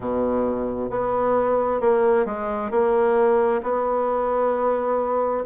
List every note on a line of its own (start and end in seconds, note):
0.00 0.90 B2
0.90 1.80 B3
1.80 2.25 A#3
2.25 2.70 G#3
2.70 3.61 A#3
3.62 5.44 B3